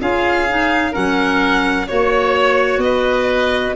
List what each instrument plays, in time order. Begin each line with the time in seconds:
0.00 tuba C#4, clarinet F4, oboe G#4, violin F5
0.48 clarinet D#4
0.91 tuba F#3, clarinet C#4, oboe A#4, violin F#5
1.87 tuba A#3, clarinet F#4, violin C#5, oboe C#5
2.77 tuba B3, oboe B4, violin D#5